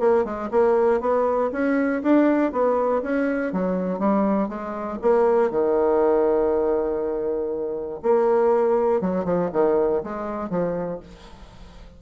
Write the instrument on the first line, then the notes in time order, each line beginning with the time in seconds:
bassoon
0.00 A#3
0.25 G#3
0.51 A#3
1.00 B3
1.52 C#4
2.03 D4
2.52 B3
3.02 C#4
3.53 F#3
3.99 G3
4.49 G#3
5.02 A#3
5.51 D#3
8.03 A#3
9.01 F#3
9.25 F3
9.53 D#3
10.03 G#3
10.50 F3